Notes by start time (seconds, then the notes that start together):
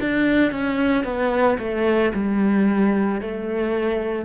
0.00 D4
0.51 C#4
1.04 B3
1.58 A3
2.14 G3
3.21 A3